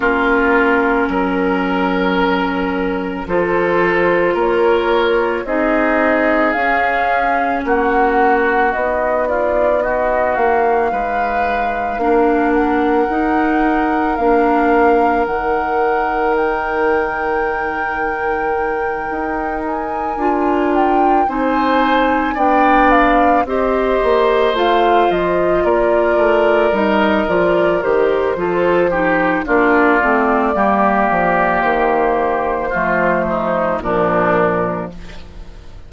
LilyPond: <<
  \new Staff \with { instrumentName = "flute" } { \time 4/4 \tempo 4 = 55 ais'2. c''4 | cis''4 dis''4 f''4 fis''4 | dis''8 d''8 dis''8 f''2 fis''8~ | fis''4 f''4 fis''4 g''4~ |
g''2 gis''4 g''8 gis''8~ | gis''8 g''8 f''8 dis''4 f''8 dis''8 d''8~ | d''8 dis''8 d''8 c''4. d''4~ | d''4 c''2 ais'4 | }
  \new Staff \with { instrumentName = "oboe" } { \time 4/4 f'4 ais'2 a'4 | ais'4 gis'2 fis'4~ | fis'8 f'8 fis'4 b'4 ais'4~ | ais'1~ |
ais'2.~ ais'8 c''8~ | c''8 d''4 c''2 ais'8~ | ais'2 a'8 g'8 f'4 | g'2 f'8 dis'8 d'4 | }
  \new Staff \with { instrumentName = "clarinet" } { \time 4/4 cis'2. f'4~ | f'4 dis'4 cis'2 | dis'2. d'4 | dis'4 d'4 dis'2~ |
dis'2~ dis'8 f'4 dis'8~ | dis'8 d'4 g'4 f'4.~ | f'8 dis'8 f'8 g'8 f'8 dis'8 d'8 c'8 | ais2 a4 f4 | }
  \new Staff \with { instrumentName = "bassoon" } { \time 4/4 ais4 fis2 f4 | ais4 c'4 cis'4 ais4 | b4. ais8 gis4 ais4 | dis'4 ais4 dis2~ |
dis4. dis'4 d'4 c'8~ | c'8 b4 c'8 ais8 a8 f8 ais8 | a8 g8 f8 dis8 f4 ais8 a8 | g8 f8 dis4 f4 ais,4 | }
>>